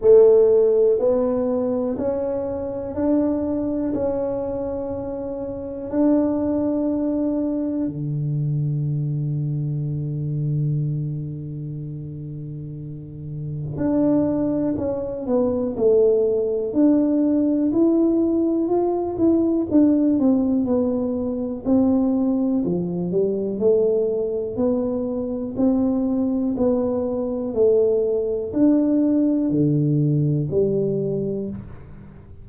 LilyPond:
\new Staff \with { instrumentName = "tuba" } { \time 4/4 \tempo 4 = 61 a4 b4 cis'4 d'4 | cis'2 d'2 | d1~ | d2 d'4 cis'8 b8 |
a4 d'4 e'4 f'8 e'8 | d'8 c'8 b4 c'4 f8 g8 | a4 b4 c'4 b4 | a4 d'4 d4 g4 | }